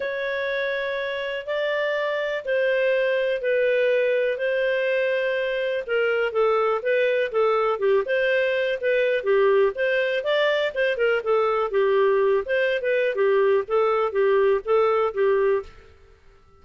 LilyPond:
\new Staff \with { instrumentName = "clarinet" } { \time 4/4 \tempo 4 = 123 cis''2. d''4~ | d''4 c''2 b'4~ | b'4 c''2. | ais'4 a'4 b'4 a'4 |
g'8 c''4. b'4 g'4 | c''4 d''4 c''8 ais'8 a'4 | g'4. c''8. b'8. g'4 | a'4 g'4 a'4 g'4 | }